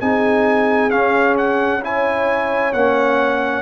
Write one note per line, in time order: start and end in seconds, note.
0.00 0.91 C4
0.00 0.90 D#4
0.00 1.82 G#4
0.00 0.90 G#5
0.90 1.81 C#4
0.90 2.73 C#4
0.90 1.35 F5
1.37 1.83 F#5
1.82 2.73 E4
1.82 3.62 C#5
1.82 2.73 G#5
2.73 3.62 A#3
2.73 3.62 C#4
2.73 3.62 F#5